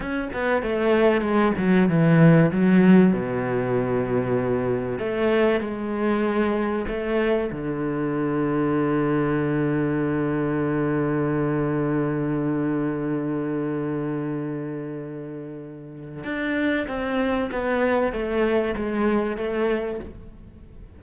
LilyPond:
\new Staff \with { instrumentName = "cello" } { \time 4/4 \tempo 4 = 96 cis'8 b8 a4 gis8 fis8 e4 | fis4 b,2. | a4 gis2 a4 | d1~ |
d1~ | d1~ | d2 d'4 c'4 | b4 a4 gis4 a4 | }